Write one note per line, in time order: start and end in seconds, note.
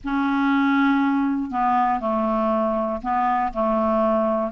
0.04 1.51 C#4
1.51 2.00 B3
2.00 3.01 A3
3.01 3.52 B3
3.53 4.51 A3